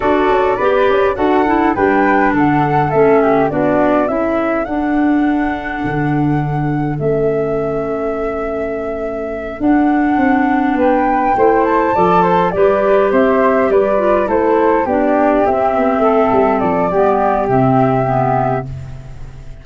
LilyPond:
<<
  \new Staff \with { instrumentName = "flute" } { \time 4/4 \tempo 4 = 103 d''2 fis''4 g''4 | fis''4 e''4 d''4 e''4 | fis''1 | e''1~ |
e''8 fis''2 g''4. | a''4. d''4 e''4 d''8~ | d''8 c''4 d''4 e''4.~ | e''8 d''4. e''2 | }
  \new Staff \with { instrumentName = "flute" } { \time 4/4 a'4 b'4 a'4 b'4 | a'4. g'8 fis'4 a'4~ | a'1~ | a'1~ |
a'2~ a'8 b'4 c''8~ | c''8 d''8 c''8 b'4 c''4 b'8~ | b'8 a'4 g'2 a'8~ | a'4 g'2. | }
  \new Staff \with { instrumentName = "clarinet" } { \time 4/4 fis'4 g'4 fis'8 e'8 d'4~ | d'4 cis'4 d'4 e'4 | d'1 | cis'1~ |
cis'8 d'2. e'8~ | e'8 a'4 g'2~ g'8 | f'8 e'4 d'4 c'4.~ | c'4 b4 c'4 b4 | }
  \new Staff \with { instrumentName = "tuba" } { \time 4/4 d'8 cis'8 b8 cis'8 d'4 g4 | d4 a4 b4 cis'4 | d'2 d2 | a1~ |
a8 d'4 c'4 b4 a8~ | a8 f4 g4 c'4 g8~ | g8 a4 b4 c'8 b8 a8 | g8 f8 g4 c2 | }
>>